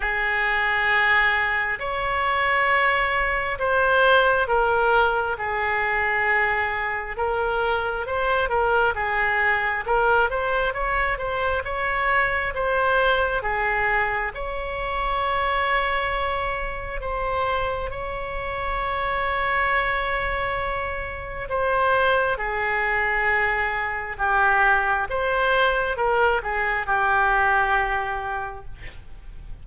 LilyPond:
\new Staff \with { instrumentName = "oboe" } { \time 4/4 \tempo 4 = 67 gis'2 cis''2 | c''4 ais'4 gis'2 | ais'4 c''8 ais'8 gis'4 ais'8 c''8 | cis''8 c''8 cis''4 c''4 gis'4 |
cis''2. c''4 | cis''1 | c''4 gis'2 g'4 | c''4 ais'8 gis'8 g'2 | }